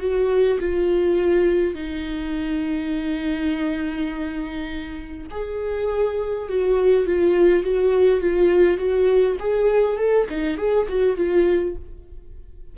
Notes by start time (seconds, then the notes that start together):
0.00 F#4
0.60 F4
1.75 D#4
5.31 G#4
6.49 F#4
7.06 F4
7.64 F#4
8.21 F4
8.78 F#4
9.40 G#4
9.97 A4
10.29 D#4
10.57 G#4
10.89 F#4
11.17 F4